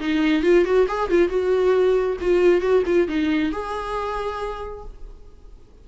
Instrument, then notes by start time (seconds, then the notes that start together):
viola
0.00 D#4
0.43 F4
0.65 F#4
0.88 G#4
1.10 F4
1.29 F#4
2.21 F4
2.61 F#4
2.86 F4
3.08 D#4
3.52 G#4